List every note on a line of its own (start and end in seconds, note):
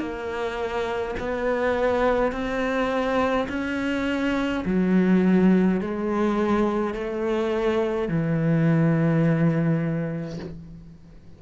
0.00 1.15 A#3
1.20 2.32 B3
2.32 3.48 C4
3.49 4.64 C#4
4.66 5.81 F#3
5.81 6.94 G#3
6.94 8.09 A3
8.09 10.40 E3